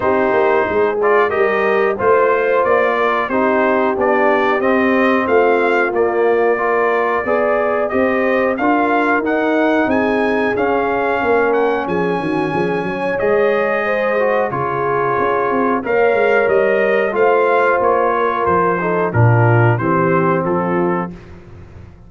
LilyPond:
<<
  \new Staff \with { instrumentName = "trumpet" } { \time 4/4 \tempo 4 = 91 c''4. d''8 dis''4 c''4 | d''4 c''4 d''4 dis''4 | f''4 d''2. | dis''4 f''4 fis''4 gis''4 |
f''4. fis''8 gis''2 | dis''2 cis''2 | f''4 dis''4 f''4 cis''4 | c''4 ais'4 c''4 a'4 | }
  \new Staff \with { instrumentName = "horn" } { \time 4/4 g'4 gis'4 ais'4 c''4~ | c''8 ais'8 g'2. | f'2 ais'4 d''4 | c''4 ais'2 gis'4~ |
gis'4 ais'4 gis'8 fis'8 gis'8 cis''8~ | cis''4 c''4 gis'2 | cis''2 c''4. ais'8~ | ais'8 a'8 f'4 g'4 f'4 | }
  \new Staff \with { instrumentName = "trombone" } { \time 4/4 dis'4. f'8 g'4 f'4~ | f'4 dis'4 d'4 c'4~ | c'4 ais4 f'4 gis'4 | g'4 f'4 dis'2 |
cis'1 | gis'4. fis'8 f'2 | ais'2 f'2~ | f'8 dis'8 d'4 c'2 | }
  \new Staff \with { instrumentName = "tuba" } { \time 4/4 c'8 ais8 gis4 g4 a4 | ais4 c'4 b4 c'4 | a4 ais2 b4 | c'4 d'4 dis'4 c'4 |
cis'4 ais4 f8 dis8 f8 fis8 | gis2 cis4 cis'8 c'8 | ais8 gis8 g4 a4 ais4 | f4 ais,4 e4 f4 | }
>>